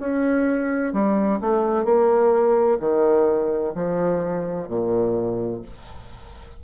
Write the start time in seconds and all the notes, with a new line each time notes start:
0.00 C#4
0.93 G3
1.41 A3
1.85 A#3
2.80 D#3
3.75 F3
4.68 A#2